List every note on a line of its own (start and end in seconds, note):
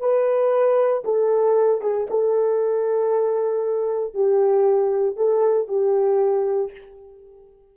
0.00 1.03 B4
1.05 1.82 A4
1.82 2.07 G#4
2.10 4.14 A4
4.14 5.17 G4
5.17 5.68 A4
5.68 6.72 G4